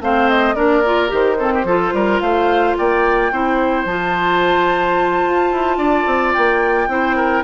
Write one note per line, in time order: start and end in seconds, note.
0.00 0.55 A3
0.00 0.55 C4
0.00 0.55 C5
0.00 0.29 F5
0.29 0.55 D#5
0.55 1.11 A#3
0.55 0.82 D4
0.55 1.38 A#4
0.55 1.10 D5
0.85 1.08 F4
1.08 1.64 D#3
1.08 1.36 G4
1.08 2.20 C5
1.39 1.66 C4
1.39 1.52 A4
1.54 1.66 G4
1.64 1.91 F3
1.64 3.32 F4
1.64 1.93 A4
1.93 2.20 G3
1.93 2.22 A#4
2.20 2.76 A3
2.20 2.77 C5
2.20 2.75 F5
2.77 3.32 A#3
2.77 3.32 D5
2.77 3.86 G5
3.32 3.85 C4
3.32 3.87 E4
3.32 5.77 C5
3.85 5.22 F3
3.85 6.89 F4
3.85 6.33 A5
5.25 5.51 F4
5.51 5.77 E4
5.77 6.05 D4
5.77 6.87 D5
6.06 6.34 C4
6.33 6.88 A#3
6.33 7.43 G5
6.88 7.43 C4
6.88 7.44 E4
6.88 7.16 C5
7.16 7.43 A#4